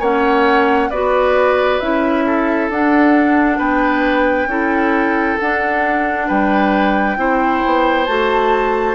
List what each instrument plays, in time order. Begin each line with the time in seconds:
0.00 bassoon A#3, clarinet C#4, oboe C#5, flute F#5
0.90 bassoon B3, clarinet F#4, oboe B4, flute D5
1.79 bassoon C#4, clarinet E4, flute E5
2.26 oboe A4
2.70 bassoon D4, clarinet D4, flute F#5
3.58 bassoon B3, oboe B4, flute G5
4.46 bassoon C#4, clarinet E4, oboe A4
5.39 clarinet D4, bassoon D4, flute F#5
6.28 bassoon G3, oboe B4, flute G5
7.17 bassoon C4, clarinet E4, oboe C5
7.65 bassoon B3
8.06 bassoon A3, clarinet F#4, flute A5